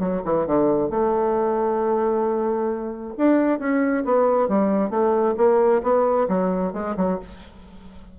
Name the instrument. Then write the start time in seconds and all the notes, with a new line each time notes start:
bassoon
0.00 F#3
0.25 E3
0.47 D3
0.90 A3
3.18 D4
3.59 C#4
4.05 B3
4.49 G3
4.91 A3
5.38 A#3
5.83 B3
6.29 F#3
6.74 G#3
6.97 F#3